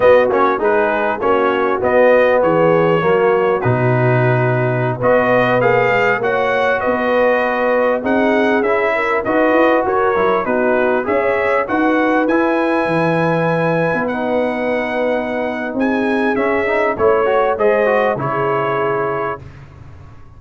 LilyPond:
<<
  \new Staff \with { instrumentName = "trumpet" } { \time 4/4 \tempo 4 = 99 dis''8 cis''8 b'4 cis''4 dis''4 | cis''2 b'2~ | b'16 dis''4 f''4 fis''4 dis''8.~ | dis''4~ dis''16 fis''4 e''4 dis''8.~ |
dis''16 cis''4 b'4 e''4 fis''8.~ | fis''16 gis''2. fis''8.~ | fis''2 gis''4 e''4 | cis''4 dis''4 cis''2 | }
  \new Staff \with { instrumentName = "horn" } { \time 4/4 fis'4 gis'4 fis'2 | gis'4 fis'2.~ | fis'16 b'2 cis''4 b'8.~ | b'4~ b'16 gis'4. ais'8 b'8.~ |
b'16 ais'4 fis'4 cis''4 b'8.~ | b'1~ | b'2 gis'2 | cis''4 c''4 gis'2 | }
  \new Staff \with { instrumentName = "trombone" } { \time 4/4 b8 cis'8 dis'4 cis'4 b4~ | b4 ais4 dis'2~ | dis'16 fis'4 gis'4 fis'4.~ fis'16~ | fis'4~ fis'16 dis'4 e'4 fis'8.~ |
fis'8. e'8 dis'4 gis'4 fis'8.~ | fis'16 e'2. dis'8.~ | dis'2. cis'8 dis'8 | e'8 fis'8 gis'8 fis'8 e'2 | }
  \new Staff \with { instrumentName = "tuba" } { \time 4/4 b8 ais8 gis4 ais4 b4 | e4 fis4 b,2~ | b,16 b4 ais8 gis8 ais4 b8.~ | b4~ b16 c'4 cis'4 dis'8 e'16~ |
e'16 fis'8 fis8 b4 cis'4 dis'8.~ | dis'16 e'4 e4.~ e16 b4~ | b2 c'4 cis'4 | a4 gis4 cis2 | }
>>